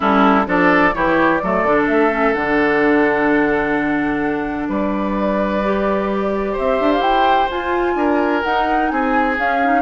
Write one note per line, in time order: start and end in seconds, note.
0.00 0.46 G3
0.00 0.45 C#4
0.00 0.45 E4
0.00 0.48 A4
0.45 0.93 F3
0.45 0.92 D4
0.45 0.95 A4
0.45 0.94 D5
0.93 1.42 E3
0.93 1.39 E4
0.93 1.42 G4
0.93 1.38 C#5
1.38 1.63 F#3
1.38 1.66 A3
1.38 4.68 A4
1.38 1.84 D5
1.63 1.87 D3
1.63 2.10 D4
1.87 2.34 A3
1.87 2.33 E5
2.10 2.34 C#4
2.33 4.68 D3
2.33 5.62 D4
2.33 4.68 F#5
4.68 6.56 G3
4.68 6.52 B4
4.68 6.56 D5
5.64 7.50 G4
6.52 6.80 C4
6.52 7.93 C5
6.52 6.92 E5
6.80 6.99 D4
6.92 7.01 F5
6.99 7.46 E4
6.99 7.48 G5
7.50 8.43 F4
7.50 7.95 F4
7.50 8.43 G#5
7.95 8.42 D4
7.95 8.91 A#4
8.43 9.36 D#4
8.43 8.91 D#4
8.43 8.89 F#5
8.89 9.38 C4
8.89 9.81 G#4
8.89 9.36 G#5
9.36 9.59 C#4
9.36 9.81 C#4
9.36 9.81 F5
9.64 9.81 D#4